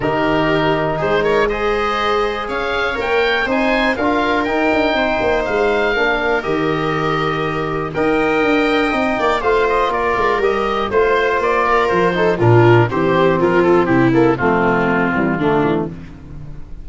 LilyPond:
<<
  \new Staff \with { instrumentName = "oboe" } { \time 4/4 \tempo 4 = 121 ais'2 c''8 cis''8 dis''4~ | dis''4 f''4 g''4 gis''4 | f''4 g''2 f''4~ | f''4 dis''2. |
g''2. f''8 dis''8 | d''4 dis''4 c''4 d''4 | c''4 ais'4 c''4 ais'8 a'8 | g'8 a'8 f'2. | }
  \new Staff \with { instrumentName = "viola" } { \time 4/4 g'2 gis'8 ais'8 c''4~ | c''4 cis''2 c''4 | ais'2 c''2 | ais'1 |
dis''2~ dis''8 d''8 c''4 | ais'2 c''4. ais'8~ | ais'8 a'8 f'4 g'4 f'4 | e'4 c'2 d'4 | }
  \new Staff \with { instrumentName = "trombone" } { \time 4/4 dis'2. gis'4~ | gis'2 ais'4 dis'4 | f'4 dis'2. | d'4 g'2. |
ais'2 dis'4 f'4~ | f'4 g'4 f'2~ | f'8 dis'8 d'4 c'2~ | c'8 ais8 a4. g8 a4 | }
  \new Staff \with { instrumentName = "tuba" } { \time 4/4 dis2 gis2~ | gis4 cis'4 ais4 c'4 | d'4 dis'8 d'8 c'8 ais8 gis4 | ais4 dis2. |
dis'4 d'4 c'8 ais8 a4 | ais8 gis8 g4 a4 ais4 | f4 ais,4 e4 f4 | c4 f4. e8 d8 e8 | }
>>